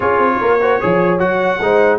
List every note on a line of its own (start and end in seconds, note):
0.00 0.17 C#4
0.00 0.60 F4
0.00 0.35 G#4
0.00 1.18 C#5
0.17 0.37 C4
0.39 0.81 A#3
0.39 0.59 A#4
0.61 0.81 F#4
0.61 0.80 C5
0.80 1.19 F3
0.80 1.19 G#4
0.80 1.60 C#5
1.18 1.59 F#3
1.18 1.59 F#4
1.18 1.98 F#5
1.60 1.98 G#3
1.60 1.98 D#4
1.60 1.98 C5